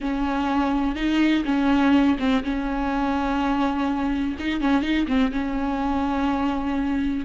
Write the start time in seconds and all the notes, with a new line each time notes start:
0.00 C#4
0.95 D#4
1.45 C#4
2.19 C4
2.43 C#4
4.39 D#4
4.60 C#4
4.82 D#4
5.07 C4
5.31 C#4